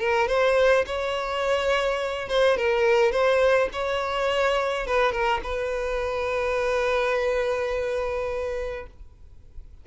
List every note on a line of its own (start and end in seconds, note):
0.00 0.28 A#4
0.28 0.85 C5
0.86 2.29 C#5
2.29 2.58 C5
2.58 3.12 A#4
3.12 3.70 C5
3.73 4.87 C#5
4.87 5.12 B4
5.12 5.41 A#4
5.44 8.87 B4